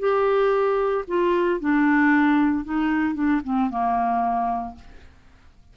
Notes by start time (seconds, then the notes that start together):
0.00 G4
1.08 F4
1.61 D4
2.65 D#4
3.15 D4
3.45 C4
3.70 A#3